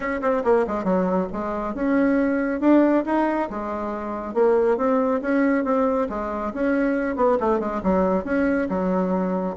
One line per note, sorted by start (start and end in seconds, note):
0.00 0.21 C#4
0.21 0.43 C4
0.44 0.65 A#3
0.67 0.83 G#3
0.83 1.27 F#3
1.32 1.74 G#3
1.74 2.60 C#4
2.60 3.04 D4
3.05 3.49 D#4
3.50 4.34 G#3
4.34 4.77 A#3
4.77 5.20 C4
5.21 5.64 C#4
5.64 6.08 C4
6.09 6.52 G#3
6.53 7.16 C#4
7.16 7.38 B3
7.39 7.59 A3
7.59 7.81 G#3
7.83 8.24 F#3
8.24 8.67 C#4
8.69 9.56 F#3